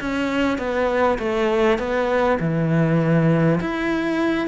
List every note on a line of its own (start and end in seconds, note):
0.00 0.58 C#4
0.58 1.18 B3
1.18 1.78 A3
1.78 2.38 B3
2.39 3.59 E3
3.61 4.47 E4